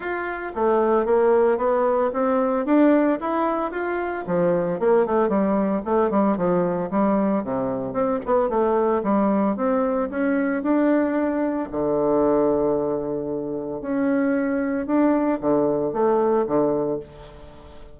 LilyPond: \new Staff \with { instrumentName = "bassoon" } { \time 4/4 \tempo 4 = 113 f'4 a4 ais4 b4 | c'4 d'4 e'4 f'4 | f4 ais8 a8 g4 a8 g8 | f4 g4 c4 c'8 b8 |
a4 g4 c'4 cis'4 | d'2 d2~ | d2 cis'2 | d'4 d4 a4 d4 | }